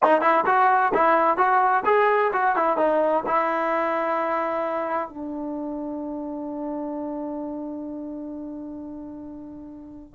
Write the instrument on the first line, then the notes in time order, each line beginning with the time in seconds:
trombone
0.03 D#4
0.21 E4
0.46 F#4
0.93 E4
1.37 F#4
1.85 G#4
2.33 F#4
2.56 E4
2.77 D#4
3.26 E4
5.08 D4